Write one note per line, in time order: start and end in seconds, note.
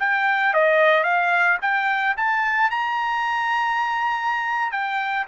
0.00 0.54 G5
0.54 1.04 D#5
1.04 1.58 F5
1.62 2.16 G5
2.17 2.71 A5
2.71 4.72 A#5
4.72 5.26 G5